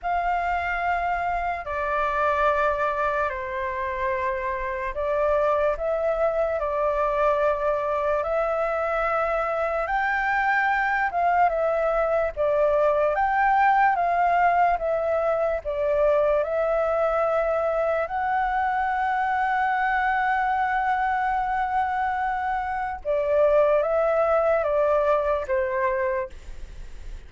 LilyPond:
\new Staff \with { instrumentName = "flute" } { \time 4/4 \tempo 4 = 73 f''2 d''2 | c''2 d''4 e''4 | d''2 e''2 | g''4. f''8 e''4 d''4 |
g''4 f''4 e''4 d''4 | e''2 fis''2~ | fis''1 | d''4 e''4 d''4 c''4 | }